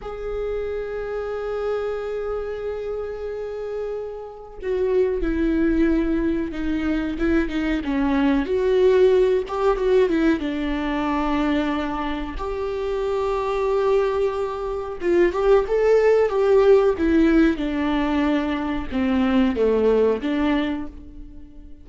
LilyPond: \new Staff \with { instrumentName = "viola" } { \time 4/4 \tempo 4 = 92 gis'1~ | gis'2. fis'4 | e'2 dis'4 e'8 dis'8 | cis'4 fis'4. g'8 fis'8 e'8 |
d'2. g'4~ | g'2. f'8 g'8 | a'4 g'4 e'4 d'4~ | d'4 c'4 a4 d'4 | }